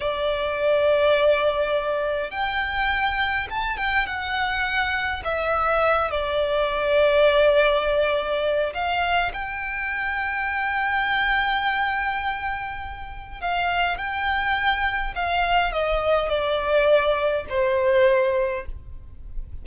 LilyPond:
\new Staff \with { instrumentName = "violin" } { \time 4/4 \tempo 4 = 103 d''1 | g''2 a''8 g''8 fis''4~ | fis''4 e''4. d''4.~ | d''2. f''4 |
g''1~ | g''2. f''4 | g''2 f''4 dis''4 | d''2 c''2 | }